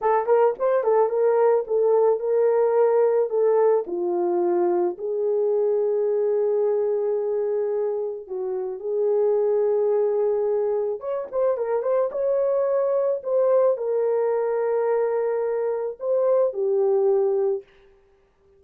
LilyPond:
\new Staff \with { instrumentName = "horn" } { \time 4/4 \tempo 4 = 109 a'8 ais'8 c''8 a'8 ais'4 a'4 | ais'2 a'4 f'4~ | f'4 gis'2.~ | gis'2. fis'4 |
gis'1 | cis''8 c''8 ais'8 c''8 cis''2 | c''4 ais'2.~ | ais'4 c''4 g'2 | }